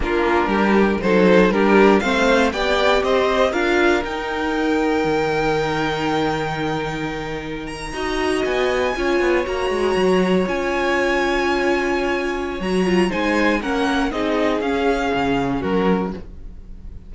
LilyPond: <<
  \new Staff \with { instrumentName = "violin" } { \time 4/4 \tempo 4 = 119 ais'2 c''4 ais'4 | f''4 g''4 dis''4 f''4 | g''1~ | g''2.~ g''16 ais''8.~ |
ais''8. gis''2 ais''4~ ais''16~ | ais''8. gis''2.~ gis''16~ | gis''4 ais''4 gis''4 fis''4 | dis''4 f''2 ais'4 | }
  \new Staff \with { instrumentName = "violin" } { \time 4/4 f'4 g'4 a'4 g'4 | c''4 d''4 c''4 ais'4~ | ais'1~ | ais'2.~ ais'8. dis''16~ |
dis''4.~ dis''16 cis''2~ cis''16~ | cis''1~ | cis''2 c''4 ais'4 | gis'2. fis'4 | }
  \new Staff \with { instrumentName = "viola" } { \time 4/4 d'2 dis'4 d'4 | c'4 g'2 f'4 | dis'1~ | dis'2.~ dis'8. fis'16~ |
fis'4.~ fis'16 f'4 fis'4~ fis'16~ | fis'8. f'2.~ f'16~ | f'4 fis'8 f'8 dis'4 cis'4 | dis'4 cis'2. | }
  \new Staff \with { instrumentName = "cello" } { \time 4/4 ais4 g4 fis4 g4 | a4 b4 c'4 d'4 | dis'2 dis2~ | dis2.~ dis8. dis'16~ |
dis'8. b4 cis'8 b8 ais8 gis8 fis16~ | fis8. cis'2.~ cis'16~ | cis'4 fis4 gis4 ais4 | c'4 cis'4 cis4 fis4 | }
>>